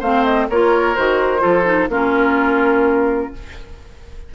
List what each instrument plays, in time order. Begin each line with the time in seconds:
0.00 bassoon A3, clarinet C4, oboe C5, flute F5
0.25 flute D#5
0.49 bassoon A#3, clarinet F4, oboe A#4, flute C#5
0.96 bassoon D#3, clarinet F#4, flute C5
1.39 bassoon F3, clarinet F4, oboe A4
1.65 clarinet D#4
1.89 bassoon A#3, clarinet C#4, oboe F4, flute A#4